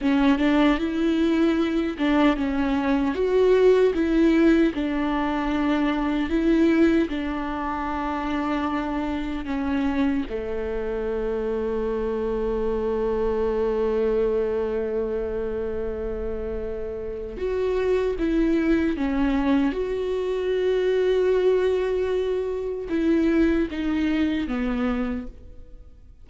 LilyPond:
\new Staff \with { instrumentName = "viola" } { \time 4/4 \tempo 4 = 76 cis'8 d'8 e'4. d'8 cis'4 | fis'4 e'4 d'2 | e'4 d'2. | cis'4 a2.~ |
a1~ | a2 fis'4 e'4 | cis'4 fis'2.~ | fis'4 e'4 dis'4 b4 | }